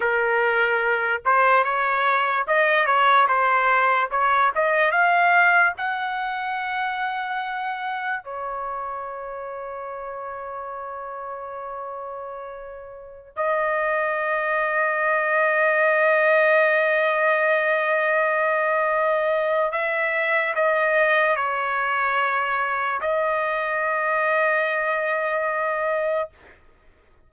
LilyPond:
\new Staff \with { instrumentName = "trumpet" } { \time 4/4 \tempo 4 = 73 ais'4. c''8 cis''4 dis''8 cis''8 | c''4 cis''8 dis''8 f''4 fis''4~ | fis''2 cis''2~ | cis''1~ |
cis''16 dis''2.~ dis''8.~ | dis''1 | e''4 dis''4 cis''2 | dis''1 | }